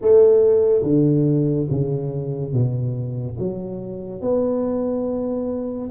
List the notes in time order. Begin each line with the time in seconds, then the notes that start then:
0.01 A3
0.83 D3
1.70 C#3
2.52 B2
3.38 F#3
4.21 B3